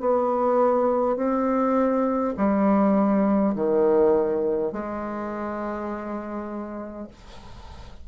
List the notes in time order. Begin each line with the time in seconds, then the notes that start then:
0.00 B3
1.16 C4
2.37 G3
3.55 D#3
4.72 G#3